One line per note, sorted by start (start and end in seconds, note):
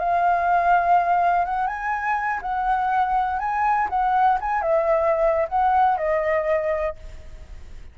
0.00 1.46 F5
1.46 1.67 F#5
1.67 2.41 G#5
2.43 3.40 F#5
3.40 3.89 G#5
3.90 4.39 F#5
4.41 4.62 G#5
4.62 5.48 E5
5.49 5.98 F#5
5.98 6.96 D#5